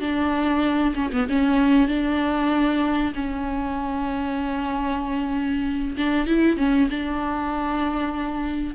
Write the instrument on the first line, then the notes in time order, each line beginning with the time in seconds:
viola
0.00 D4
0.95 C#4
1.12 B3
1.29 C#4
1.88 D4
3.14 C#4
5.97 D4
6.27 E4
6.57 C#4
6.90 D4